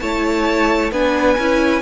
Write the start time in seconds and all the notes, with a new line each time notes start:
0.00 A3 E4 C#5 A5
0.92 B3 D4 B4 G#5
1.38 C#4 E4